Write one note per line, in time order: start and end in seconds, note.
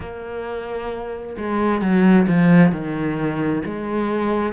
0.00 1.36 A#3
1.37 1.81 G#3
1.81 2.26 F#3
2.27 2.71 F3
2.71 3.62 D#3
3.65 4.52 G#3